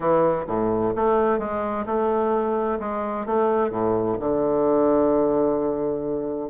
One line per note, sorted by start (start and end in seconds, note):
0.00 0.44 E3
0.47 0.93 A2
0.95 1.38 A3
1.38 1.85 G#3
1.85 2.78 A3
2.79 3.26 G#3
3.26 3.70 A3
3.70 4.17 A2
4.19 6.50 D3